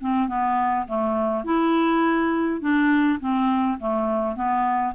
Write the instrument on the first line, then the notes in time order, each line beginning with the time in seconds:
clarinet
0.00 C4
0.28 B3
0.87 A3
1.44 E4
2.61 D4
3.20 C4
3.79 A3
4.35 B3